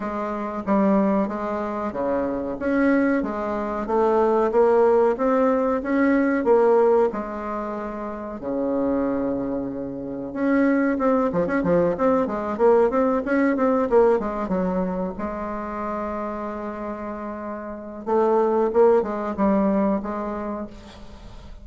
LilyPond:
\new Staff \with { instrumentName = "bassoon" } { \time 4/4 \tempo 4 = 93 gis4 g4 gis4 cis4 | cis'4 gis4 a4 ais4 | c'4 cis'4 ais4 gis4~ | gis4 cis2. |
cis'4 c'8 f16 cis'16 f8 c'8 gis8 ais8 | c'8 cis'8 c'8 ais8 gis8 fis4 gis8~ | gis1 | a4 ais8 gis8 g4 gis4 | }